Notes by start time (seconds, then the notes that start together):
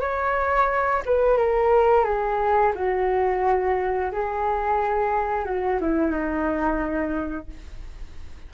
0.00 C#5
1.05 B4
1.37 A#4
2.04 G#4
2.75 F#4
4.12 G#4
5.45 F#4
5.80 E4
6.11 D#4